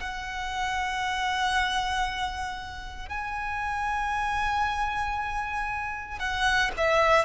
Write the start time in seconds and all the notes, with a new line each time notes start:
0.00 F#5
3.08 G#5
6.19 F#5
6.77 E5